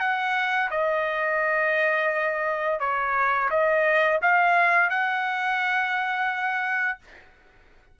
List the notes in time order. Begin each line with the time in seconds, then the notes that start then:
0.00 F#5
0.70 D#5
2.80 C#5
3.50 D#5
4.22 F5
4.90 F#5